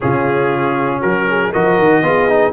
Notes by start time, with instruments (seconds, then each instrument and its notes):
0.00 tuba C#3, trombone C#4, horn F4, trumpet G#4
1.00 tuba F#3, horn F#4, trumpet A#4
1.29 horn G#4
1.52 tuba F3, trombone F#4, horn A#4, trumpet D#5
1.78 tuba D#3
2.02 tuba B3, trombone F4, horn G#4
2.28 trombone D#4